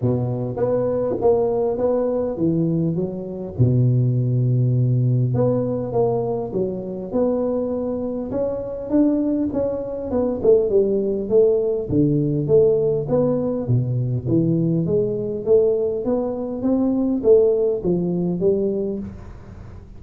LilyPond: \new Staff \with { instrumentName = "tuba" } { \time 4/4 \tempo 4 = 101 b,4 b4 ais4 b4 | e4 fis4 b,2~ | b,4 b4 ais4 fis4 | b2 cis'4 d'4 |
cis'4 b8 a8 g4 a4 | d4 a4 b4 b,4 | e4 gis4 a4 b4 | c'4 a4 f4 g4 | }